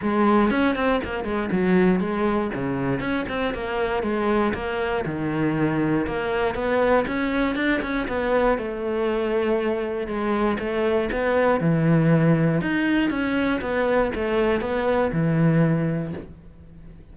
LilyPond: \new Staff \with { instrumentName = "cello" } { \time 4/4 \tempo 4 = 119 gis4 cis'8 c'8 ais8 gis8 fis4 | gis4 cis4 cis'8 c'8 ais4 | gis4 ais4 dis2 | ais4 b4 cis'4 d'8 cis'8 |
b4 a2. | gis4 a4 b4 e4~ | e4 dis'4 cis'4 b4 | a4 b4 e2 | }